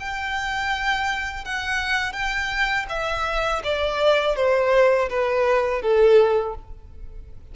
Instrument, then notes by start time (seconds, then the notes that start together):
violin
0.00 G5
1.45 F#5
2.13 G5
2.89 E5
3.64 D5
4.36 C5
5.09 B4
5.82 A4